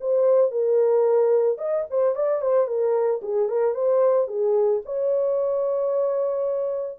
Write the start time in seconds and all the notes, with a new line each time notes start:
0.00 C5
0.51 A#4
1.58 D#5
1.90 C5
2.15 D5
2.42 C5
2.67 A#4
3.22 G#4
3.49 A#4
3.75 C5
4.28 G#4
4.85 C#5